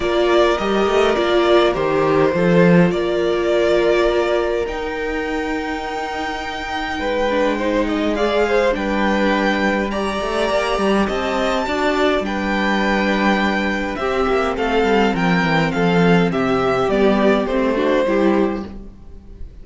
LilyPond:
<<
  \new Staff \with { instrumentName = "violin" } { \time 4/4 \tempo 4 = 103 d''4 dis''4 d''4 c''4~ | c''4 d''2. | g''1~ | g''2 f''4 g''4~ |
g''4 ais''2 a''4~ | a''4 g''2. | e''4 f''4 g''4 f''4 | e''4 d''4 c''2 | }
  \new Staff \with { instrumentName = "violin" } { \time 4/4 ais'1 | a'4 ais'2.~ | ais'1 | b'4 c''8 dis''8 d''8 c''8 b'4~ |
b'4 d''2 dis''4 | d''4 b'2. | g'4 a'4 ais'4 a'4 | g'2~ g'8 fis'8 g'4 | }
  \new Staff \with { instrumentName = "viola" } { \time 4/4 f'4 g'4 f'4 g'4 | f'1 | dis'1~ | dis'8 d'8 dis'4 gis'4 d'4~ |
d'4 g'2. | fis'4 d'2. | c'1~ | c'4 b4 c'8 d'8 e'4 | }
  \new Staff \with { instrumentName = "cello" } { \time 4/4 ais4 g8 a8 ais4 dis4 | f4 ais2. | dis'1 | gis2. g4~ |
g4. a8 ais8 g8 c'4 | d'4 g2. | c'8 ais8 a8 g8 f8 e8 f4 | c4 g4 a4 g4 | }
>>